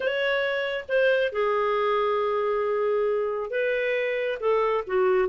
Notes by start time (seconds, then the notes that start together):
0.00 C#5
0.88 C5
1.32 G#4
3.50 B4
4.40 A4
4.86 F#4